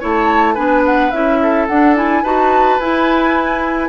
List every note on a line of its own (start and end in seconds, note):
0.00 0.57 A3
0.00 0.56 E4
0.00 0.54 C#5
0.00 0.55 A5
0.54 1.12 B3
0.54 1.12 D4
0.54 1.37 B4
0.54 0.82 G#5
0.85 1.11 F#5
1.11 1.68 C#4
1.11 1.68 E4
1.11 1.66 E5
1.42 2.23 A4
1.67 2.23 D4
1.67 1.96 D4
1.67 1.95 F#5
1.96 2.24 E4
1.96 2.24 G#5
2.23 2.79 D#4
2.23 2.80 F#4
2.23 3.88 B4
2.23 2.80 A5
2.79 3.88 E4
2.79 3.88 G#5